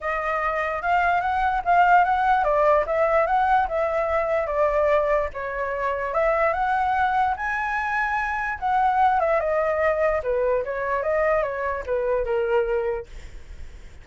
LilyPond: \new Staff \with { instrumentName = "flute" } { \time 4/4 \tempo 4 = 147 dis''2 f''4 fis''4 | f''4 fis''4 d''4 e''4 | fis''4 e''2 d''4~ | d''4 cis''2 e''4 |
fis''2 gis''2~ | gis''4 fis''4. e''8 dis''4~ | dis''4 b'4 cis''4 dis''4 | cis''4 b'4 ais'2 | }